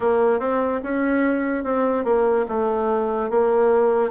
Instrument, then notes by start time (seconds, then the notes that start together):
bassoon
0.00 A#3
0.39 C4
0.83 C#4
1.64 C4
2.04 A#3
2.48 A3
3.30 A#3